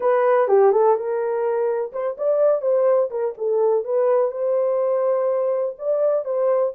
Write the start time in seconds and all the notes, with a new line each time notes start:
0.00 B4
0.48 G4
0.72 A4
0.96 A#4
1.92 C5
2.17 D5
2.61 C5
3.10 A#4
3.37 A4
3.84 B4
4.31 C5
5.78 D5
6.24 C5